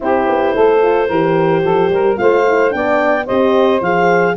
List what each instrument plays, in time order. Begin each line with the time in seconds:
0.00 tuba C4, horn E4, saxophone G4, clarinet C5
0.28 tuba B3
0.55 tuba A3, saxophone A4
0.82 horn F4
1.07 tuba E3, horn G4, saxophone A#4
1.64 tuba F3, saxophone A4
1.89 tuba G3, saxophone A#4
2.17 tuba A3, horn F4, saxophone C5, clarinet F5
2.47 horn E4
2.69 tuba B3, horn D4, saxophone D5, clarinet G5
3.25 tuba C4, horn G4, saxophone C5, clarinet D#5
3.80 tuba F3, horn G#4, clarinet F5